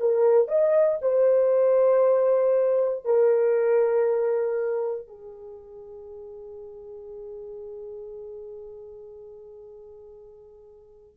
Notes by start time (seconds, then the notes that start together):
0.00 A#4
0.49 D#5
1.02 C5
3.05 A#4
5.08 G#4